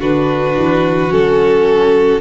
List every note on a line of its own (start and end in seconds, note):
0.00 0.56 D3
0.00 1.10 D4
0.00 2.21 F#4
0.00 1.12 B4
0.57 1.11 E3
1.10 2.21 F#3
1.10 2.21 C#4
1.10 2.21 A4